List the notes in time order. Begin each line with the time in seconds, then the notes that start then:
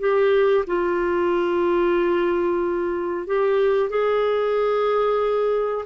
0.00 G4
0.67 F4
3.27 G4
3.90 G#4